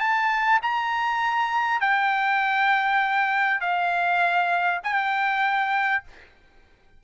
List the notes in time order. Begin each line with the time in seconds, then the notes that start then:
0.00 A5
0.62 A#5
1.81 G5
3.61 F5
4.84 G5